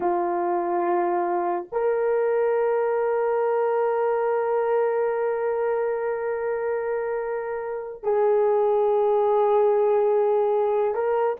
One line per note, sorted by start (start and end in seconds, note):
0.00 1.67 F4
1.72 8.03 A#4
8.03 10.94 G#4
10.94 11.37 A#4